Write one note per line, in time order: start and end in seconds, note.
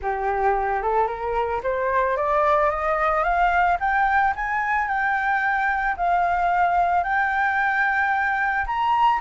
0.02 0.82 G4
0.82 1.07 A4
1.07 1.61 A#4
1.63 2.16 C5
2.16 2.70 D5
2.70 3.23 D#5
3.23 3.77 F5
3.80 4.34 G5
4.35 4.88 G#5
4.88 5.96 G5
5.97 7.03 F5
7.03 8.65 G5
8.66 9.20 A#5